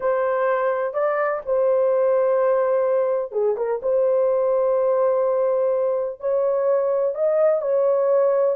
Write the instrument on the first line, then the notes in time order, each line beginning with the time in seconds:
horn
0.00 C5
0.93 D5
1.45 C5
3.31 G#4
3.56 A#4
3.82 C5
6.19 C#5
7.14 D#5
7.61 C#5